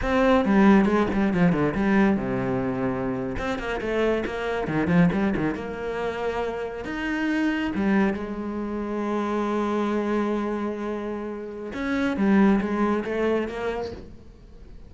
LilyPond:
\new Staff \with { instrumentName = "cello" } { \time 4/4 \tempo 4 = 138 c'4 g4 gis8 g8 f8 d8 | g4 c2~ c8. c'16~ | c'16 ais8 a4 ais4 dis8 f8 g16~ | g16 dis8 ais2. dis'16~ |
dis'4.~ dis'16 g4 gis4~ gis16~ | gis1~ | gis2. cis'4 | g4 gis4 a4 ais4 | }